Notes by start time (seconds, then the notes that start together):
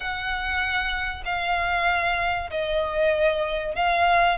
0.00 F#5
1.25 F5
2.50 D#5
3.75 F5